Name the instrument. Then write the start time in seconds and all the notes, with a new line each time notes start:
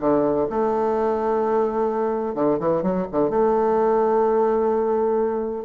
bassoon
0.00 D3
0.50 A3
2.35 D3
2.59 E3
2.82 F#3
3.11 D3
3.29 A3